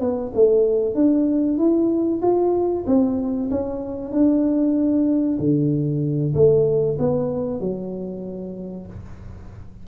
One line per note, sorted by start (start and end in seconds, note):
0.00 0.32 B3
0.34 0.94 A3
0.94 1.58 D4
1.58 2.21 E4
2.22 2.85 F4
2.86 3.49 C4
3.50 4.12 C#4
4.12 5.38 D4
5.39 6.34 D3
6.34 6.97 A3
6.98 7.60 B3
7.60 8.86 F#3